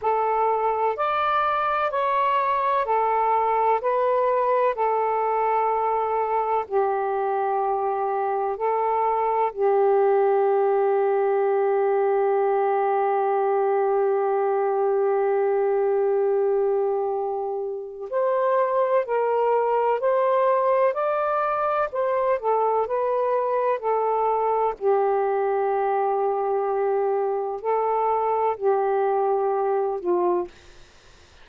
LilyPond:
\new Staff \with { instrumentName = "saxophone" } { \time 4/4 \tempo 4 = 63 a'4 d''4 cis''4 a'4 | b'4 a'2 g'4~ | g'4 a'4 g'2~ | g'1~ |
g'2. c''4 | ais'4 c''4 d''4 c''8 a'8 | b'4 a'4 g'2~ | g'4 a'4 g'4. f'8 | }